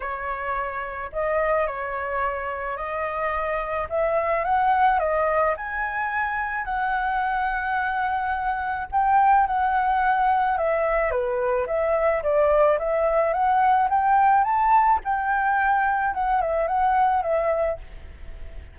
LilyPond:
\new Staff \with { instrumentName = "flute" } { \time 4/4 \tempo 4 = 108 cis''2 dis''4 cis''4~ | cis''4 dis''2 e''4 | fis''4 dis''4 gis''2 | fis''1 |
g''4 fis''2 e''4 | b'4 e''4 d''4 e''4 | fis''4 g''4 a''4 g''4~ | g''4 fis''8 e''8 fis''4 e''4 | }